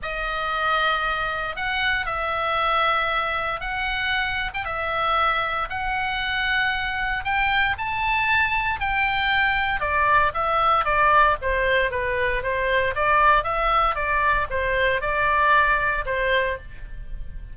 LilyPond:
\new Staff \with { instrumentName = "oboe" } { \time 4/4 \tempo 4 = 116 dis''2. fis''4 | e''2. fis''4~ | fis''8. g''16 e''2 fis''4~ | fis''2 g''4 a''4~ |
a''4 g''2 d''4 | e''4 d''4 c''4 b'4 | c''4 d''4 e''4 d''4 | c''4 d''2 c''4 | }